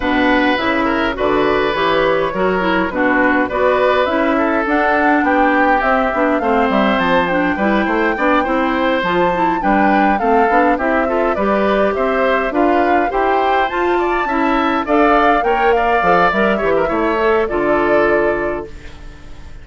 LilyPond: <<
  \new Staff \with { instrumentName = "flute" } { \time 4/4 \tempo 4 = 103 fis''4 e''4 d''4 cis''4~ | cis''4 b'4 d''4 e''4 | fis''4 g''4 e''4 f''8 e''8 | a''8 g''2. a''8~ |
a''8 g''4 f''4 e''4 d''8~ | d''8 e''4 f''4 g''4 a''8~ | a''4. f''4 g''8 f''4 | e''2 d''2 | }
  \new Staff \with { instrumentName = "oboe" } { \time 4/4 b'4. ais'8 b'2 | ais'4 fis'4 b'4. a'8~ | a'4 g'2 c''4~ | c''4 b'8 c''8 d''8 c''4.~ |
c''8 b'4 a'4 g'8 a'8 b'8~ | b'8 c''4 b'4 c''4. | d''8 e''4 d''4 cis''8 d''4~ | d''8 cis''16 ais'16 cis''4 a'2 | }
  \new Staff \with { instrumentName = "clarinet" } { \time 4/4 d'4 e'4 fis'4 g'4 | fis'8 e'8 d'4 fis'4 e'4 | d'2 c'8 d'8 c'4~ | c'8 d'8 e'4 d'8 e'4 f'8 |
e'8 d'4 c'8 d'8 e'8 f'8 g'8~ | g'4. f'4 g'4 f'8~ | f'8 e'4 a'4 ais'4 a'8 | ais'8 g'8 e'8 a'8 f'2 | }
  \new Staff \with { instrumentName = "bassoon" } { \time 4/4 b,4 cis4 d4 e4 | fis4 b,4 b4 cis'4 | d'4 b4 c'8 b8 a8 g8 | f4 g8 a8 b8 c'4 f8~ |
f8 g4 a8 b8 c'4 g8~ | g8 c'4 d'4 e'4 f'8~ | f'8 cis'4 d'4 ais4 f8 | g8 e8 a4 d2 | }
>>